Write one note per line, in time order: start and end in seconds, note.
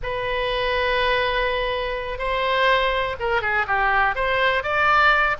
0.02 2.18 B4
2.18 3.16 C5
3.19 3.41 A#4
3.41 3.66 G#4
3.67 4.15 G4
4.15 4.63 C5
4.63 5.36 D5